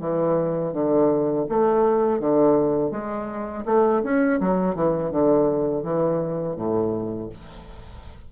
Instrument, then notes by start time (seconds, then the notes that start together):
bassoon
0.00 E3
0.73 D3
1.49 A3
2.20 D3
2.91 G#3
3.66 A3
4.03 C#4
4.40 F#3
4.75 E3
5.11 D3
5.83 E3
6.56 A2